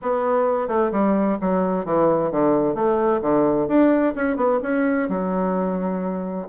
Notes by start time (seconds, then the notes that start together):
0.01 B3
0.68 A3
0.91 G3
1.41 F#3
1.85 E3
2.31 D3
2.74 A3
3.21 D3
3.68 D4
4.15 C#4
4.36 B3
4.62 C#4
5.09 F#3